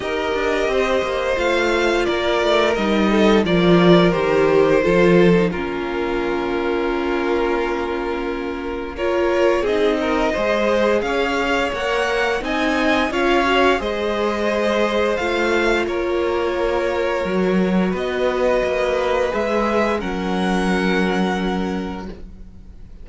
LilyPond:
<<
  \new Staff \with { instrumentName = "violin" } { \time 4/4 \tempo 4 = 87 dis''2 f''4 d''4 | dis''4 d''4 c''2 | ais'1~ | ais'4 cis''4 dis''2 |
f''4 fis''4 gis''4 f''4 | dis''2 f''4 cis''4~ | cis''2 dis''2 | e''4 fis''2. | }
  \new Staff \with { instrumentName = "violin" } { \time 4/4 ais'4 c''2 ais'4~ | ais'8 a'8 ais'2 a'4 | f'1~ | f'4 ais'4 gis'8 ais'8 c''4 |
cis''2 dis''4 cis''4 | c''2. ais'4~ | ais'2 b'2~ | b'4 ais'2. | }
  \new Staff \with { instrumentName = "viola" } { \time 4/4 g'2 f'2 | dis'4 f'4 g'4 f'8. dis'16 | cis'1~ | cis'4 f'4 dis'4 gis'4~ |
gis'4 ais'4 dis'4 f'8 fis'8 | gis'2 f'2~ | f'4 fis'2. | gis'4 cis'2. | }
  \new Staff \with { instrumentName = "cello" } { \time 4/4 dis'8 d'8 c'8 ais8 a4 ais8 a8 | g4 f4 dis4 f4 | ais1~ | ais2 c'4 gis4 |
cis'4 ais4 c'4 cis'4 | gis2 a4 ais4~ | ais4 fis4 b4 ais4 | gis4 fis2. | }
>>